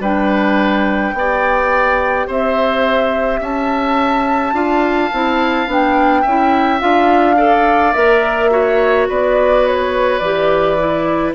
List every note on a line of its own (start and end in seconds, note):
0.00 1.13 G3
0.00 1.15 D4
0.00 1.14 B4
0.00 2.29 G5
1.13 2.27 B3
1.13 4.54 G4
1.13 2.27 D5
2.27 3.41 C4
2.27 3.40 C5
2.27 3.43 E5
3.41 4.53 C#4
3.41 4.54 E5
3.41 5.70 A5
4.53 5.10 D4
4.53 5.10 F4
4.53 6.22 F5
5.13 5.67 C4
5.13 5.67 E4
5.67 6.24 B3
5.67 6.24 D4
5.67 6.80 G5
6.22 6.82 C#4
6.22 7.35 E5
6.28 6.79 E4
6.79 7.95 D4
6.79 7.36 F4
6.79 7.93 F5
7.37 7.93 A4
7.37 8.50 D5
7.93 9.08 A#3
7.93 8.51 A#4
7.93 9.06 E5
8.51 10.21 F#4
8.51 9.08 C#5
9.08 10.21 B3
9.08 11.35 B4
9.08 9.67 D5
9.67 10.19 C#5
10.19 11.34 E3
10.19 10.78 G4
10.19 11.32 D5
10.78 11.35 E4